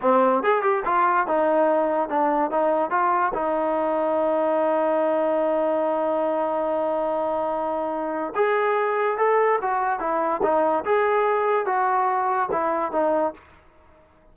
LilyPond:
\new Staff \with { instrumentName = "trombone" } { \time 4/4 \tempo 4 = 144 c'4 gis'8 g'8 f'4 dis'4~ | dis'4 d'4 dis'4 f'4 | dis'1~ | dis'1~ |
dis'1 | gis'2 a'4 fis'4 | e'4 dis'4 gis'2 | fis'2 e'4 dis'4 | }